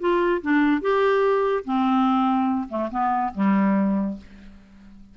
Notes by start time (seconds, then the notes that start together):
0.00 F4
0.42 D4
0.82 G4
1.65 C4
2.69 A3
2.91 B3
3.34 G3